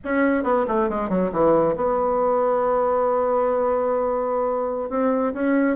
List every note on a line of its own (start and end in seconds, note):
0.04 0.43 C#4
0.43 0.65 B3
0.67 0.89 A3
0.89 1.09 G#3
1.09 1.30 F#3
1.31 1.75 E3
1.75 4.89 B3
4.89 5.33 C4
5.33 5.76 C#4